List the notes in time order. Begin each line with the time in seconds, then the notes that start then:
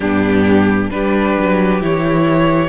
0.00 G2 B3 D4 G4
0.90 G3 D4 G4 B4
1.38 F#3
1.80 E3 E4 C#5